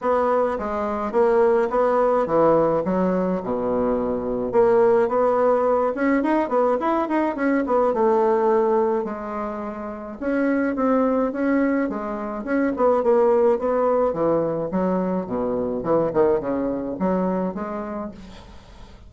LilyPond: \new Staff \with { instrumentName = "bassoon" } { \time 4/4 \tempo 4 = 106 b4 gis4 ais4 b4 | e4 fis4 b,2 | ais4 b4. cis'8 dis'8 b8 | e'8 dis'8 cis'8 b8 a2 |
gis2 cis'4 c'4 | cis'4 gis4 cis'8 b8 ais4 | b4 e4 fis4 b,4 | e8 dis8 cis4 fis4 gis4 | }